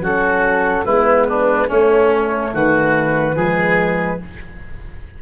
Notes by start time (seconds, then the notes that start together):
0.00 F#3 C#4 F#4 A4
0.85 G#3 B3 E4 B4
1.29 D4
1.67 A3 C#4 C#5
2.53 D#3 F#4 B4
3.35 F3 G#3 G#4